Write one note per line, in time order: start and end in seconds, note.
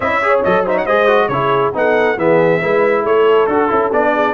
0.00 0.43 C#4
0.00 0.22 E4
0.00 0.21 D#5
0.00 0.40 E5
0.22 0.44 G#4
0.22 0.65 C#5
0.43 0.86 F#3
0.43 0.66 A4
0.43 0.65 D#5
0.65 0.87 D#4
0.65 0.74 C5
0.65 0.78 E5
0.74 0.84 C#5
0.74 0.86 F#5
0.85 1.28 G#3
0.85 1.07 G#4
0.85 1.29 C5
0.85 1.28 D#5
1.07 1.29 F#4
1.28 1.72 C#3
1.28 1.73 E4
1.28 1.75 G#4
1.28 1.72 C#5
1.73 2.17 B3
1.73 2.17 D#4
1.73 2.18 A4
1.73 2.18 F#5
2.17 2.60 E3
2.17 2.61 B3
2.17 2.61 G#4
2.17 3.05 E5
2.61 3.05 G#3
2.61 3.48 E4
2.61 3.01 B4
3.01 3.47 A3
3.01 4.09 A4
3.01 3.46 C#5
3.46 3.69 D4
3.46 3.68 F#4
3.46 3.90 A4
3.68 3.91 C#4
3.68 3.90 E4
3.91 4.34 B3
3.91 4.34 D4
3.91 4.34 D5
4.13 4.34 G#4